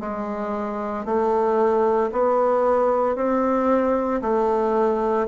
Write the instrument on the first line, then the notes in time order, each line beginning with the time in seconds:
bassoon
0.00 G#3
1.05 A3
2.12 B3
3.16 C4
4.22 A3